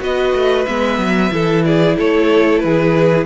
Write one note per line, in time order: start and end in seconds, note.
0.00 0.33 B3
0.00 0.65 F#4
0.00 1.33 B4
0.00 0.66 D#5
0.34 0.67 A3
0.66 0.99 G#3
0.66 1.31 B3
0.66 1.64 E5
0.99 1.31 F#3
1.31 1.97 E3
1.31 3.26 E4
1.31 1.66 A4
1.65 1.98 G#4
1.65 1.98 D5
1.98 2.64 A3
1.98 2.63 A4
1.98 2.59 C#5
2.59 3.26 E3
2.59 3.24 B4
2.65 3.26 G#4